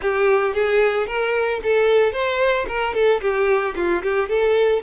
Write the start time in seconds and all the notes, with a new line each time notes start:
0.01 G4
0.54 G#4
1.06 A#4
1.63 A4
2.12 C5
2.68 A#4
2.94 A4
3.21 G4
3.75 F4
4.03 G4
4.29 A4